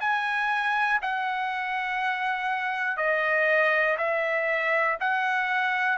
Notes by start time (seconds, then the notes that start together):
0.00 G#5
1.02 F#5
2.97 D#5
3.97 E5
5.00 F#5